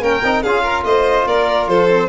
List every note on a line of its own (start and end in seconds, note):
0.00 0.21 A#3
0.00 0.22 C#4
0.00 0.43 A#4
0.00 0.42 G5
0.23 0.43 C4
0.23 0.44 D#4
0.42 0.84 C#4
0.42 1.90 F4
0.42 0.63 G#4
0.42 0.84 F5
0.63 0.84 A#4
0.84 1.25 A3
0.84 1.27 C5
0.84 1.25 D#5
1.26 1.67 A#3
1.26 1.69 A#4
1.26 1.68 D5
1.67 2.08 F3
1.67 2.08 A4
1.67 2.08 C5
1.90 2.08 C4